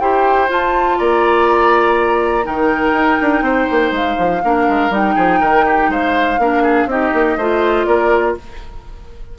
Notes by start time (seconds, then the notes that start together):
0.00 E4 G4 C5 G5
0.48 F4 A5
0.98 A#3 D5 A#5
2.44 D#3 D#4 A#4 G5
2.93 D#4
3.22 D4
3.42 C4 C5
3.71 A#3
3.92 G#3 F5
4.19 F3
4.44 A#3 D4 A#4
4.69 G#3
4.90 G3 D#4 G5
5.15 F3 G#4
5.41 D#3 A#4
5.66 G4
5.89 G#3 C5 F5
6.38 A#3 D4 A#4
6.63 G#4
6.86 C4 D#4 G4 D#5
7.14 A#3
7.37 A3 F4 C5
7.86 A#3 A#4 D5